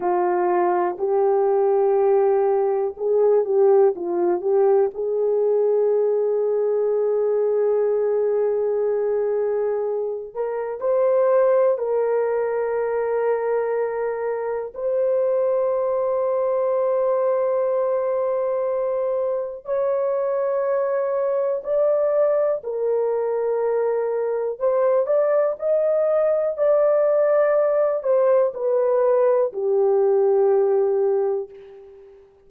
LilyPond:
\new Staff \with { instrumentName = "horn" } { \time 4/4 \tempo 4 = 61 f'4 g'2 gis'8 g'8 | f'8 g'8 gis'2.~ | gis'2~ gis'8 ais'8 c''4 | ais'2. c''4~ |
c''1 | cis''2 d''4 ais'4~ | ais'4 c''8 d''8 dis''4 d''4~ | d''8 c''8 b'4 g'2 | }